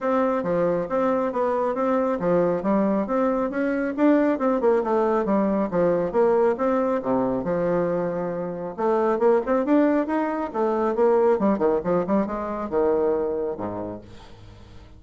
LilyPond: \new Staff \with { instrumentName = "bassoon" } { \time 4/4 \tempo 4 = 137 c'4 f4 c'4 b4 | c'4 f4 g4 c'4 | cis'4 d'4 c'8 ais8 a4 | g4 f4 ais4 c'4 |
c4 f2. | a4 ais8 c'8 d'4 dis'4 | a4 ais4 g8 dis8 f8 g8 | gis4 dis2 gis,4 | }